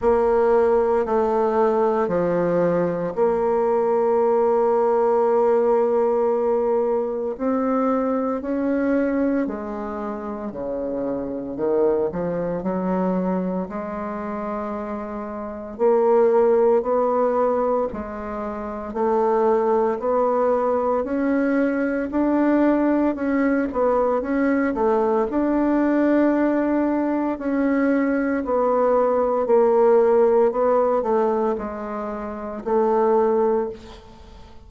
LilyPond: \new Staff \with { instrumentName = "bassoon" } { \time 4/4 \tempo 4 = 57 ais4 a4 f4 ais4~ | ais2. c'4 | cis'4 gis4 cis4 dis8 f8 | fis4 gis2 ais4 |
b4 gis4 a4 b4 | cis'4 d'4 cis'8 b8 cis'8 a8 | d'2 cis'4 b4 | ais4 b8 a8 gis4 a4 | }